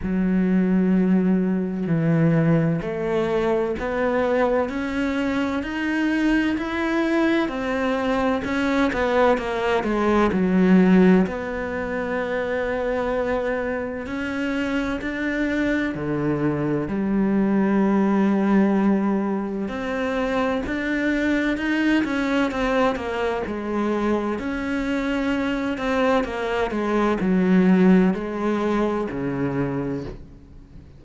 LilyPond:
\new Staff \with { instrumentName = "cello" } { \time 4/4 \tempo 4 = 64 fis2 e4 a4 | b4 cis'4 dis'4 e'4 | c'4 cis'8 b8 ais8 gis8 fis4 | b2. cis'4 |
d'4 d4 g2~ | g4 c'4 d'4 dis'8 cis'8 | c'8 ais8 gis4 cis'4. c'8 | ais8 gis8 fis4 gis4 cis4 | }